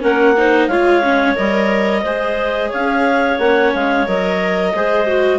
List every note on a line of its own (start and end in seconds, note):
0.00 0.67 A#3
0.00 0.34 C#4
0.00 0.34 A#4
0.00 0.67 F#5
0.37 0.70 D#4
0.37 0.69 C5
0.67 1.35 G#3
0.67 1.02 F4
0.67 2.03 C#5
0.67 1.35 F5
1.02 1.35 C#4
1.35 2.04 G3
1.35 2.03 A#4
1.35 2.70 D#5
2.03 2.71 G#3
2.03 3.39 G#4
2.03 2.69 C5
2.69 3.38 C#4
2.69 4.71 C#5
2.69 3.39 F5
3.38 3.72 A#3
3.38 4.06 C#4
3.38 3.72 F#5
3.74 4.07 G#3
3.74 4.07 F5
4.07 4.74 F#3
4.07 4.74 A#4
4.07 5.39 D#5
4.74 5.39 G#3
4.74 5.07 G#4
4.74 5.39 C5
5.07 5.39 F#4